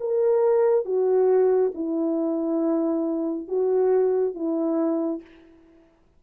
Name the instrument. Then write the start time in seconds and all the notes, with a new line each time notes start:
horn
0.00 A#4
0.85 F#4
1.75 E4
3.48 F#4
4.35 E4